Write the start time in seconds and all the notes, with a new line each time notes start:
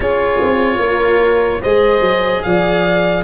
0.00 C#4 F4 G#4 C#5
0.42 C4
0.78 A#3 A#4
1.61 G#3 G#4 C5 D#5
2.00 F#3
2.42 F3 D5 F5